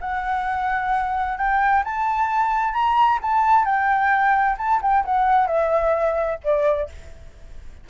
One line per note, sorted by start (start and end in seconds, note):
0.00 1.37 F#5
1.37 1.83 G5
1.84 2.73 A5
2.73 3.19 A#5
3.21 3.65 A5
3.65 4.56 G5
4.58 4.80 A5
4.82 5.04 G5
5.05 5.46 F#5
5.46 6.38 E5
6.43 6.89 D5